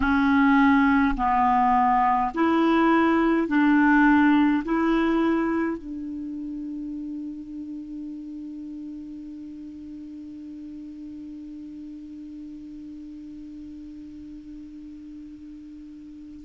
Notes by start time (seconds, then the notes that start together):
0.00 C#4
1.16 B3
2.34 E4
3.47 D4
4.64 E4
5.77 D4